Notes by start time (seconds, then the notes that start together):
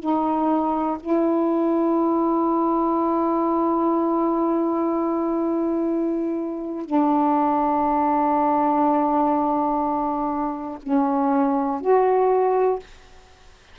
0.00 D#4
1.01 E4
6.85 D4
10.83 C#4
11.81 F#4